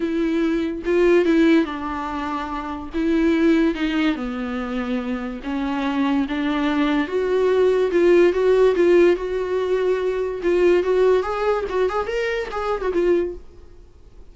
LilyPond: \new Staff \with { instrumentName = "viola" } { \time 4/4 \tempo 4 = 144 e'2 f'4 e'4 | d'2. e'4~ | e'4 dis'4 b2~ | b4 cis'2 d'4~ |
d'4 fis'2 f'4 | fis'4 f'4 fis'2~ | fis'4 f'4 fis'4 gis'4 | fis'8 gis'8 ais'4 gis'8. fis'16 f'4 | }